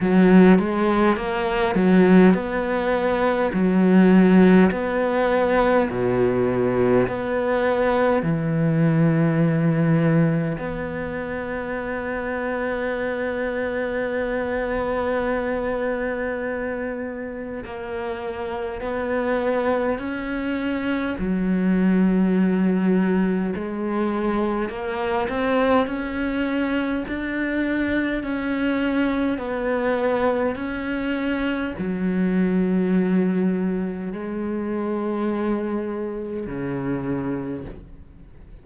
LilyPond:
\new Staff \with { instrumentName = "cello" } { \time 4/4 \tempo 4 = 51 fis8 gis8 ais8 fis8 b4 fis4 | b4 b,4 b4 e4~ | e4 b2.~ | b2. ais4 |
b4 cis'4 fis2 | gis4 ais8 c'8 cis'4 d'4 | cis'4 b4 cis'4 fis4~ | fis4 gis2 cis4 | }